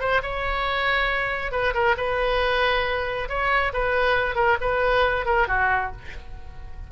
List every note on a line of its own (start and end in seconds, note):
0.00 0.22 C5
0.23 1.52 C#5
1.52 1.74 B4
1.74 1.96 A#4
1.97 3.29 B4
3.29 3.73 C#5
3.73 4.36 B4
4.36 4.57 A#4
4.61 5.26 B4
5.26 5.48 A#4
5.48 5.92 F#4